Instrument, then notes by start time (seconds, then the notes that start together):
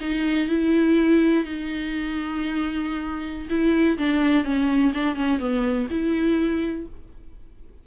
viola
0.00 D#4
0.48 E4
1.44 D#4
3.49 E4
3.98 D4
4.44 C#4
4.94 D4
5.15 C#4
5.39 B3
5.90 E4